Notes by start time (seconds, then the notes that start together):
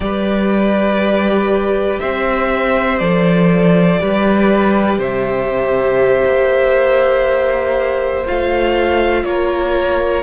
0.00 G3 G4 B4 D5
1.99 C4 C5 E5
2.98 F3 A4 D5
3.99 G3 G4 B4
4.98 C3 C5 E5
6.25 A#3
8.25 A3 F4 F5
9.23 A#3 A#4 C#5